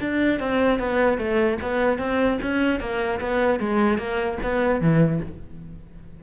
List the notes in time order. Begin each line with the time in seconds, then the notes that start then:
0.00 D4
0.39 C4
0.79 B3
1.18 A3
1.61 B3
1.98 C4
2.41 C#4
2.80 A#3
3.20 B3
3.59 G#3
3.98 A#3
4.42 B3
4.80 E3